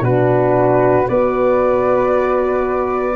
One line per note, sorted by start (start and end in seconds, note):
0.00 1.05 B2
0.00 1.07 D4
0.00 1.07 F#4
0.00 1.08 B4
1.08 3.15 B3
1.08 3.15 F#4
1.08 3.15 B4
1.08 3.15 D5